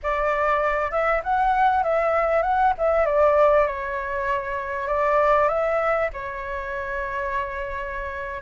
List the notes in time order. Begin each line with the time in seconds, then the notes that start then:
0.03 D5
0.91 E5
1.23 F#5
1.83 E5
2.42 F#5
2.77 E5
3.05 D5
3.67 C#5
4.87 D5
5.48 E5
6.13 C#5